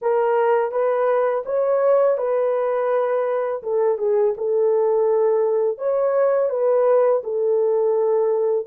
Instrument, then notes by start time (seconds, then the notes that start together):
horn
0.01 A#4
0.71 B4
1.45 C#5
2.17 B4
3.62 A4
3.98 G#4
4.37 A4
5.78 C#5
6.49 B4
7.23 A4